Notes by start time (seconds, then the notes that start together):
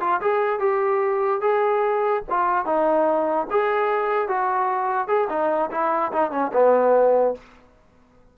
0.00 F4
0.21 G#4
0.59 G4
1.41 G#4
2.29 F4
2.65 D#4
3.50 G#4
4.28 F#4
5.08 G#4
5.29 D#4
5.71 E4
6.12 D#4
6.31 C#4
6.53 B3